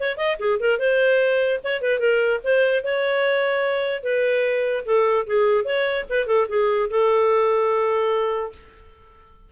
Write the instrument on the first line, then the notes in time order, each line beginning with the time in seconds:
clarinet
0.00 C#5
0.18 D#5
0.39 G#4
0.60 A#4
0.79 C5
1.64 C#5
1.82 B4
2.00 A#4
2.44 C5
2.84 C#5
4.03 B4
4.86 A4
5.27 G#4
5.65 C#5
6.10 B4
6.27 A4
6.49 G#4
6.90 A4